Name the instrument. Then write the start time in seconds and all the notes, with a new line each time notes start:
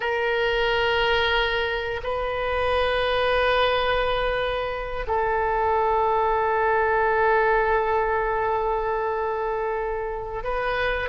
oboe
0.00 A#4
2.03 B4
5.07 A4
10.43 B4